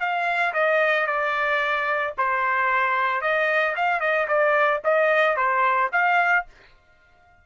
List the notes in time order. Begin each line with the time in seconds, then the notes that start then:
0.00 F5
0.54 D#5
1.07 D5
2.18 C5
3.22 D#5
3.76 F5
4.00 D#5
4.28 D5
4.85 D#5
5.37 C5
5.93 F5